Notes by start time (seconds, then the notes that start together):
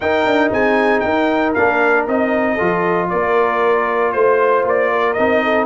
0.00 D#4 A#4 G5
0.25 D4
0.51 C4 G#4 G#5
1.00 D#4 A#4 G5
1.54 A#3 D4 F5
2.07 C4 D#4 D#5
2.54 F4 A4
2.60 F3
3.09 A#3 A#4 D5
4.12 A3 C5
4.63 A#3 D5
4.91 A#4
5.13 C4 D#4 D#5
5.43 A4